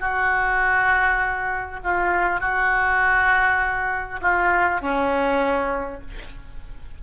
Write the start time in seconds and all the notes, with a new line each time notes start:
0.00 F#4
1.84 F4
2.41 F#4
4.22 F4
4.81 C#4